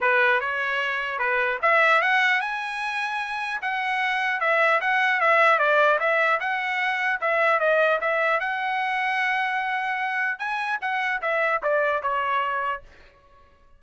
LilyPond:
\new Staff \with { instrumentName = "trumpet" } { \time 4/4 \tempo 4 = 150 b'4 cis''2 b'4 | e''4 fis''4 gis''2~ | gis''4 fis''2 e''4 | fis''4 e''4 d''4 e''4 |
fis''2 e''4 dis''4 | e''4 fis''2.~ | fis''2 gis''4 fis''4 | e''4 d''4 cis''2 | }